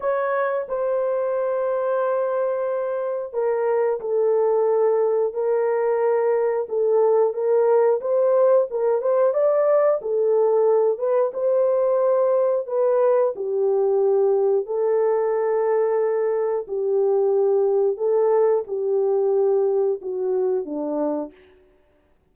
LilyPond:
\new Staff \with { instrumentName = "horn" } { \time 4/4 \tempo 4 = 90 cis''4 c''2.~ | c''4 ais'4 a'2 | ais'2 a'4 ais'4 | c''4 ais'8 c''8 d''4 a'4~ |
a'8 b'8 c''2 b'4 | g'2 a'2~ | a'4 g'2 a'4 | g'2 fis'4 d'4 | }